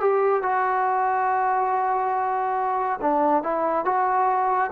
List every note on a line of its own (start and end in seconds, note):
0.00 0.42 G4
0.42 3.00 F#4
3.01 3.43 D4
3.43 3.85 E4
3.85 4.70 F#4